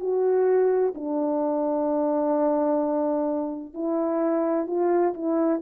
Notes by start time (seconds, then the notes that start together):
0.00 F#4
0.95 D4
3.74 E4
4.67 F4
5.14 E4